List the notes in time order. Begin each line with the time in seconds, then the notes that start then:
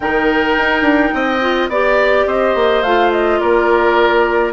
0.00 D#3 D#4 A#4 G5
0.57 D#4
0.81 D4
1.14 C4 D#5
1.41 F4
1.69 B3 G4 D5
2.26 C4 C5 D#5
2.54 A#3
2.83 A3 F4 F5
3.11 D#5
3.39 A#3 A#4 D5